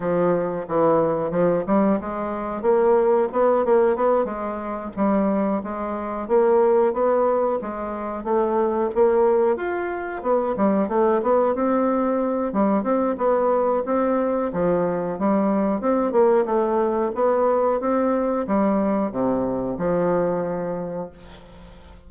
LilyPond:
\new Staff \with { instrumentName = "bassoon" } { \time 4/4 \tempo 4 = 91 f4 e4 f8 g8 gis4 | ais4 b8 ais8 b8 gis4 g8~ | g8 gis4 ais4 b4 gis8~ | gis8 a4 ais4 f'4 b8 |
g8 a8 b8 c'4. g8 c'8 | b4 c'4 f4 g4 | c'8 ais8 a4 b4 c'4 | g4 c4 f2 | }